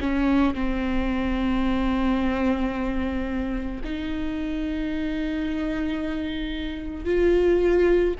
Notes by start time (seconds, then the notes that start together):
0.00 C#4
0.55 C4
3.84 D#4
7.05 F4